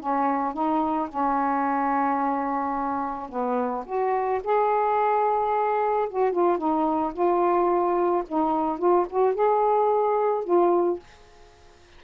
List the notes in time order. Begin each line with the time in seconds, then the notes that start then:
0.00 C#4
0.54 D#4
1.09 C#4
3.29 B3
3.86 F#4
4.44 G#4
6.10 F#4
6.33 F4
6.58 D#4
7.14 F4
8.28 D#4
8.79 F4
9.10 F#4
9.35 G#4
10.45 F4